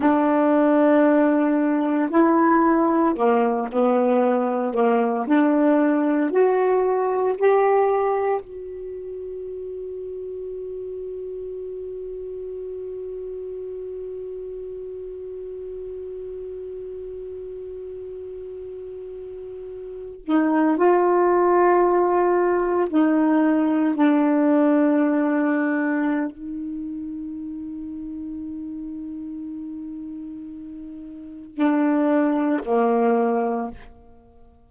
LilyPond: \new Staff \with { instrumentName = "saxophone" } { \time 4/4 \tempo 4 = 57 d'2 e'4 ais8 b8~ | b8 ais8 d'4 fis'4 g'4 | fis'1~ | fis'1~ |
fis'2.~ fis'16 dis'8 f'16~ | f'4.~ f'16 dis'4 d'4~ d'16~ | d'4 dis'2.~ | dis'2 d'4 ais4 | }